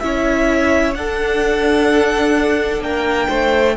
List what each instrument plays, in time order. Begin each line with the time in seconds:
0.00 cello C#4, viola E4, violin C#5 E5
0.95 cello D4, viola D4, violin A4 F#5
2.81 cello A#3, violin A#4 G5
3.29 cello A3, violin C5